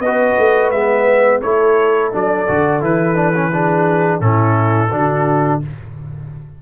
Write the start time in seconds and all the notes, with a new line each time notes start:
0.00 B3 F#4 B4 D#5
0.38 A3
0.71 G#3 B3 E5
1.42 A3 E4 A4 C#5
2.12 F#3 D4 D5
2.48 D3 F#4
2.81 E3 E4 B4
3.16 D4
3.35 C#4
3.53 D4 G#4
4.21 A2 C#4 E4 A4
4.92 D3 D4 F#4